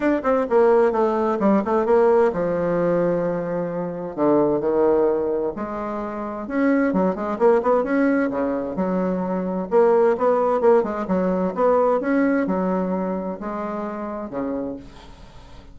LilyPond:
\new Staff \with { instrumentName = "bassoon" } { \time 4/4 \tempo 4 = 130 d'8 c'8 ais4 a4 g8 a8 | ais4 f2.~ | f4 d4 dis2 | gis2 cis'4 fis8 gis8 |
ais8 b8 cis'4 cis4 fis4~ | fis4 ais4 b4 ais8 gis8 | fis4 b4 cis'4 fis4~ | fis4 gis2 cis4 | }